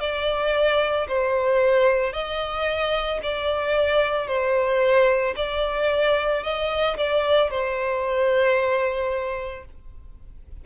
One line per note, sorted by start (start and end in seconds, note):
0.00 1.07 D5
1.08 2.13 C5
2.13 3.20 D#5
3.22 4.27 D5
4.27 5.34 C5
5.36 6.43 D5
6.43 6.96 D#5
6.97 7.50 D5
7.50 9.65 C5